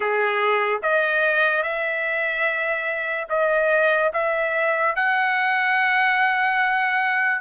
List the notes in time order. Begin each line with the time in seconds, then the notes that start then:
0.00 G#4
0.82 D#5
1.63 E5
3.29 D#5
4.13 E5
4.95 F#5